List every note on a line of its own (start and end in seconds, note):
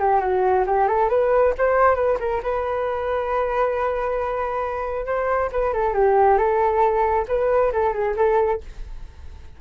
0.00 0.21 G4
0.21 0.65 F#4
0.67 0.88 G4
0.88 1.10 A4
1.10 1.54 B4
1.58 1.96 C5
1.96 2.18 B4
2.20 2.42 A#4
2.43 5.06 B4
5.06 5.50 C5
5.52 5.74 B4
5.74 5.94 A4
5.94 6.38 G4
6.38 7.26 A4
7.28 7.72 B4
7.72 7.94 A4
7.94 8.16 G#4
8.17 8.61 A4